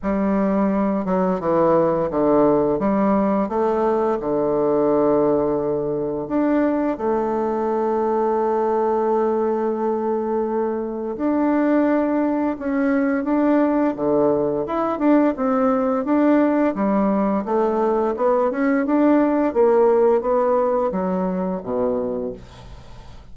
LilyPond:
\new Staff \with { instrumentName = "bassoon" } { \time 4/4 \tempo 4 = 86 g4. fis8 e4 d4 | g4 a4 d2~ | d4 d'4 a2~ | a1 |
d'2 cis'4 d'4 | d4 e'8 d'8 c'4 d'4 | g4 a4 b8 cis'8 d'4 | ais4 b4 fis4 b,4 | }